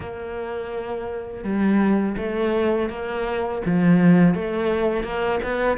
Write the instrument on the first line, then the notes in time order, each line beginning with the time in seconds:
cello
0.00 A#3
1.43 G3
2.17 A3
2.89 A#3
3.65 F3
4.34 A3
5.03 A#3
5.42 B3